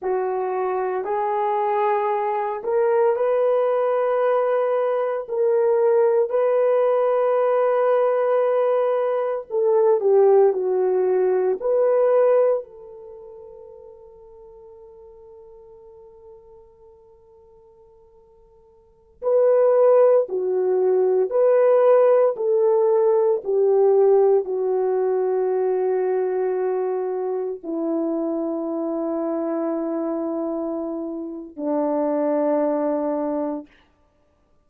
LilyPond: \new Staff \with { instrumentName = "horn" } { \time 4/4 \tempo 4 = 57 fis'4 gis'4. ais'8 b'4~ | b'4 ais'4 b'2~ | b'4 a'8 g'8 fis'4 b'4 | a'1~ |
a'2~ a'16 b'4 fis'8.~ | fis'16 b'4 a'4 g'4 fis'8.~ | fis'2~ fis'16 e'4.~ e'16~ | e'2 d'2 | }